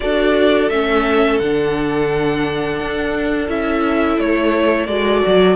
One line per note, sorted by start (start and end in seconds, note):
0.00 0.69 D4
0.00 0.70 F#4
0.00 5.56 A4
0.00 0.69 D5
0.69 1.39 A3
0.69 1.41 C#4
0.69 1.39 E5
1.39 2.79 D3
1.39 3.48 D4
1.39 3.48 F#5
2.79 3.48 D4
3.48 4.18 C#4
3.48 4.87 E4
3.48 4.19 E5
4.19 4.87 A3
4.19 4.86 C#5
4.86 5.22 G#3
4.86 5.56 F#4
4.86 5.56 D5
5.26 5.56 F#3